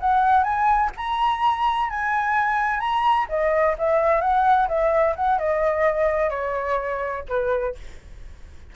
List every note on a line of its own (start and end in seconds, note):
0.00 0.43 F#5
0.43 0.90 G#5
0.97 1.89 A#5
1.89 2.80 G#5
2.80 3.26 A#5
3.29 3.76 D#5
3.78 4.21 E5
4.21 4.68 F#5
4.68 5.15 E5
5.16 5.38 F#5
5.38 6.30 D#5
6.30 7.24 C#5
7.28 7.75 B4